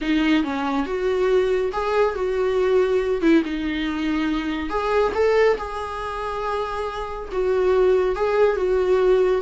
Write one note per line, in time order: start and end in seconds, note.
0.01 0.43 D#4
0.43 0.86 C#4
0.86 1.71 F#4
1.72 2.14 G#4
2.14 3.21 F#4
3.21 3.42 E4
3.44 4.69 D#4
4.69 5.12 G#4
5.14 5.57 A4
5.57 7.29 G#4
7.31 8.15 F#4
8.15 8.56 G#4
8.56 9.41 F#4